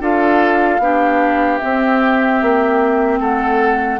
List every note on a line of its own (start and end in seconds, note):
0.00 0.79 D4
0.00 0.80 F4
0.00 0.81 A4
0.00 1.58 F5
0.79 1.59 B3
0.79 1.61 D4
0.79 3.20 G4
1.58 4.00 C4
1.58 2.42 C4
1.58 3.18 E5
2.42 3.20 A#3
3.20 4.00 A3
3.20 4.00 A4
3.20 4.00 F#5